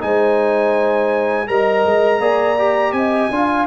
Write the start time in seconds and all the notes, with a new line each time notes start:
0.00 G#3 D#4 C5 G#5
1.47 G3 A#4 D#5 A#5
1.86 G#3
2.20 A#3 G#4 D5
2.58 G4
2.93 C4 D#5 G#5
3.30 D4 F4 F5